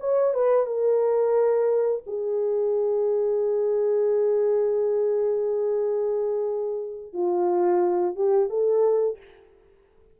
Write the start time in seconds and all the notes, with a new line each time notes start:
0.00 C#5
0.34 B4
0.66 A#4
2.06 G#4
7.13 F4
8.15 G4
8.49 A4